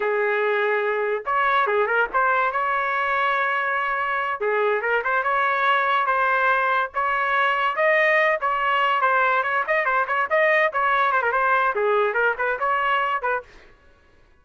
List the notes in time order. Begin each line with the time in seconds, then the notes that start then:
0.00 G#4
1.25 C#5
1.66 G#4
1.86 A#4
2.13 C5
2.52 C#5
4.40 G#4
4.81 A#4
5.04 C5
5.23 C#5
6.06 C5
6.94 C#5
7.75 D#5
8.40 C#5
9.01 C5
9.43 C#5
9.67 D#5
9.85 C5
10.07 C#5
10.29 D#5
10.72 C#5
11.12 C5
11.22 A#4
11.32 C5
11.75 G#4
12.14 A#4
12.37 B4
12.59 C#5
13.21 B4